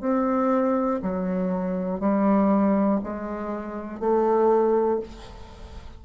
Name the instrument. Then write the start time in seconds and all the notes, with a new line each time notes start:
bassoon
0.00 C4
1.02 F#3
2.00 G3
3.03 G#3
4.00 A3